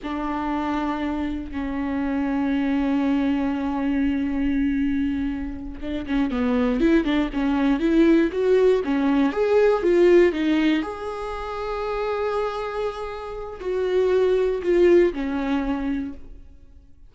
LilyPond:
\new Staff \with { instrumentName = "viola" } { \time 4/4 \tempo 4 = 119 d'2. cis'4~ | cis'1~ | cis'2.~ cis'8 d'8 | cis'8 b4 e'8 d'8 cis'4 e'8~ |
e'8 fis'4 cis'4 gis'4 f'8~ | f'8 dis'4 gis'2~ gis'8~ | gis'2. fis'4~ | fis'4 f'4 cis'2 | }